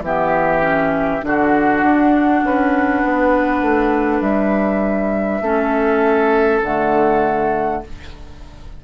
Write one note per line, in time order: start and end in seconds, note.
0.00 1.20 E3
0.00 0.61 B3
0.00 1.25 G4
0.00 1.24 E5
0.61 1.21 C#4
1.21 1.82 D3
1.21 5.41 D4
1.21 2.45 F#4
1.21 4.21 F#5
1.82 2.42 D4
2.43 3.03 C#4
2.43 5.42 B4
3.03 3.62 B3
3.62 4.21 A3
4.21 5.41 G3
4.21 6.61 E5
5.41 6.61 A3
5.41 6.62 C#4
5.41 7.82 A4
6.62 7.82 D3
6.62 7.84 A3
6.62 7.83 F#5